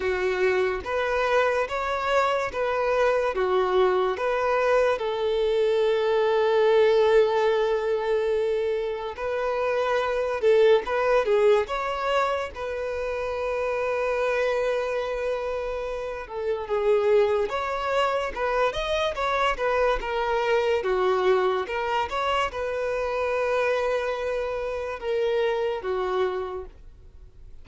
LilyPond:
\new Staff \with { instrumentName = "violin" } { \time 4/4 \tempo 4 = 72 fis'4 b'4 cis''4 b'4 | fis'4 b'4 a'2~ | a'2. b'4~ | b'8 a'8 b'8 gis'8 cis''4 b'4~ |
b'2.~ b'8 a'8 | gis'4 cis''4 b'8 dis''8 cis''8 b'8 | ais'4 fis'4 ais'8 cis''8 b'4~ | b'2 ais'4 fis'4 | }